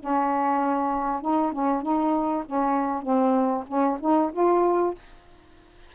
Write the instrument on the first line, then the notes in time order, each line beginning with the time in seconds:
saxophone
0.00 C#4
1.22 D#4
1.53 C#4
1.82 D#4
2.46 C#4
3.03 C4
3.68 C#4
4.01 D#4
4.33 F4